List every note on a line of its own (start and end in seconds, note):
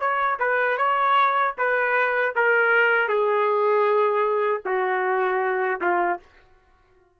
0.00 0.38 C#5
0.40 0.78 B4
0.78 1.55 C#5
1.58 2.35 B4
2.35 3.08 A#4
3.08 4.62 G#4
4.65 5.81 F#4
5.81 6.20 F4